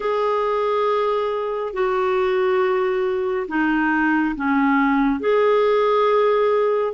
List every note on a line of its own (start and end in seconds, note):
0.00 1.73 G#4
1.73 3.47 F#4
3.48 4.35 D#4
4.36 5.20 C#4
5.20 6.93 G#4